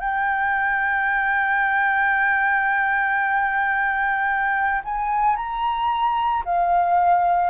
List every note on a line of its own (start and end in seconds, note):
0.00 4.82 G5
4.85 5.37 G#5
5.37 6.44 A#5
6.45 7.50 F5